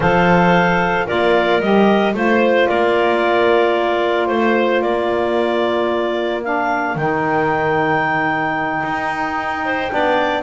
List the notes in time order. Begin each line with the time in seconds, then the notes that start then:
0.00 F3 A4 C5 F5
1.06 A#3 F4 A#4 D5
1.60 G3 G4 D#5
2.13 A3 F4 C5
2.67 A#3 A#4 D5
4.27 A3 C5
4.81 A#3 A#4 D5
6.43 D4 F5
6.95 D#3 D#4 G5
8.83 D#4
9.65 C5
9.89 B3 D4 D5